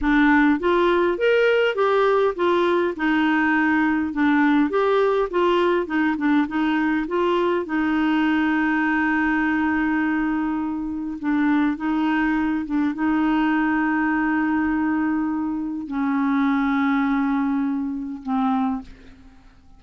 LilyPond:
\new Staff \with { instrumentName = "clarinet" } { \time 4/4 \tempo 4 = 102 d'4 f'4 ais'4 g'4 | f'4 dis'2 d'4 | g'4 f'4 dis'8 d'8 dis'4 | f'4 dis'2.~ |
dis'2. d'4 | dis'4. d'8 dis'2~ | dis'2. cis'4~ | cis'2. c'4 | }